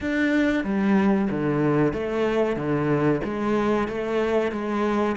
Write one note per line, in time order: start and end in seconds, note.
0.01 0.63 D4
0.63 1.28 G3
1.30 1.93 D3
1.93 2.56 A3
2.56 3.21 D3
3.24 3.88 G#3
3.88 4.51 A3
4.51 5.16 G#3